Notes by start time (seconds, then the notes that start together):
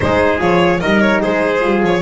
0.00 G#3 D#4 G#4 C5
0.39 F3 F4 C#5
0.80 G3 D#4 A#4 D#5
1.00 C#5
1.21 G#3 G#4 C5
1.59 G3 F4
1.82 F3 C#5